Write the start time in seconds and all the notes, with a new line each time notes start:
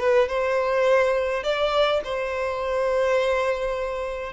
0.00 B4
0.29 C5
1.44 D5
2.05 C5